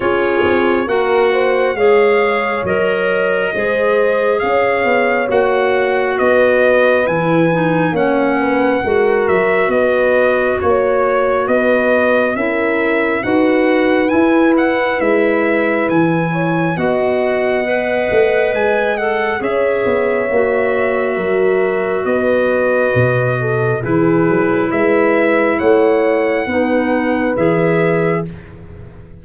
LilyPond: <<
  \new Staff \with { instrumentName = "trumpet" } { \time 4/4 \tempo 4 = 68 cis''4 fis''4 f''4 dis''4~ | dis''4 f''4 fis''4 dis''4 | gis''4 fis''4. e''8 dis''4 | cis''4 dis''4 e''4 fis''4 |
gis''8 fis''8 e''4 gis''4 fis''4~ | fis''4 gis''8 fis''8 e''2~ | e''4 dis''2 b'4 | e''4 fis''2 e''4 | }
  \new Staff \with { instrumentName = "horn" } { \time 4/4 gis'4 ais'8 c''8 cis''2 | c''4 cis''2 b'4~ | b'4 cis''8 b'8 ais'4 b'4 | cis''4 b'4 ais'4 b'4~ |
b'2~ b'8 cis''8 dis''4~ | dis''2 cis''2 | ais'4 b'4. a'8 gis'4 | b'4 cis''4 b'2 | }
  \new Staff \with { instrumentName = "clarinet" } { \time 4/4 f'4 fis'4 gis'4 ais'4 | gis'2 fis'2 | e'8 dis'8 cis'4 fis'2~ | fis'2 e'4 fis'4 |
e'2. fis'4 | b'4. a'8 gis'4 fis'4~ | fis'2. e'4~ | e'2 dis'4 gis'4 | }
  \new Staff \with { instrumentName = "tuba" } { \time 4/4 cis'8 c'8 ais4 gis4 fis4 | gis4 cis'8 b8 ais4 b4 | e4 ais4 gis8 fis8 b4 | ais4 b4 cis'4 dis'4 |
e'4 gis4 e4 b4~ | b8 a8 gis4 cis'8 b8 ais4 | fis4 b4 b,4 e8 fis8 | gis4 a4 b4 e4 | }
>>